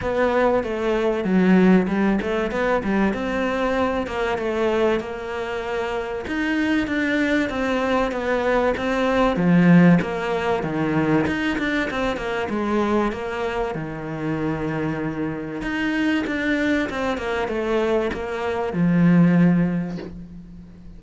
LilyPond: \new Staff \with { instrumentName = "cello" } { \time 4/4 \tempo 4 = 96 b4 a4 fis4 g8 a8 | b8 g8 c'4. ais8 a4 | ais2 dis'4 d'4 | c'4 b4 c'4 f4 |
ais4 dis4 dis'8 d'8 c'8 ais8 | gis4 ais4 dis2~ | dis4 dis'4 d'4 c'8 ais8 | a4 ais4 f2 | }